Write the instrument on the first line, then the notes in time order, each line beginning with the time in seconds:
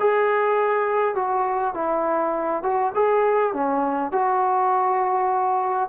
trombone
0.00 G#4
1.16 F#4
1.75 E4
2.64 F#4
2.95 G#4
3.54 C#4
4.12 F#4